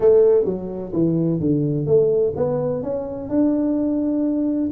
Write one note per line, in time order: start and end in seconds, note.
0.00 0.45 A3
0.45 0.91 F#3
0.93 1.39 E3
1.40 1.86 D3
1.86 2.33 A3
2.36 2.82 B3
2.82 3.29 C#4
3.29 4.70 D4